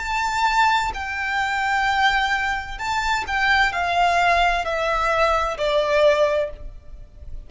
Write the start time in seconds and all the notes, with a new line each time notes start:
0.00 A5
0.94 G5
2.79 A5
3.28 G5
3.73 F5
4.65 E5
5.58 D5